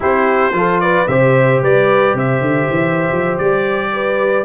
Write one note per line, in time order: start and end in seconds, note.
0.00 0.52 C4
0.00 0.52 E4
0.00 0.55 G4
0.00 0.80 C5
0.52 1.06 F3
0.52 1.06 F4
0.52 0.82 A4
0.80 1.09 B4
0.80 1.07 D5
1.07 1.61 C3
1.07 4.45 G4
1.07 1.62 C5
1.07 1.61 E5
1.62 2.14 G3
1.62 2.15 B4
1.62 2.17 D5
2.14 2.40 C3
2.14 3.91 C5
2.14 3.38 E5
2.40 2.67 D3
2.70 3.10 E3
3.11 3.38 F3
3.38 4.45 G3
3.38 4.45 D5
3.92 4.45 B4